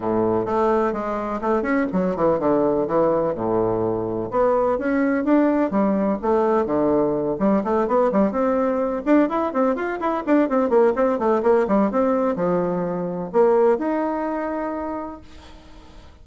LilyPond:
\new Staff \with { instrumentName = "bassoon" } { \time 4/4 \tempo 4 = 126 a,4 a4 gis4 a8 cis'8 | fis8 e8 d4 e4 a,4~ | a,4 b4 cis'4 d'4 | g4 a4 d4. g8 |
a8 b8 g8 c'4. d'8 e'8 | c'8 f'8 e'8 d'8 c'8 ais8 c'8 a8 | ais8 g8 c'4 f2 | ais4 dis'2. | }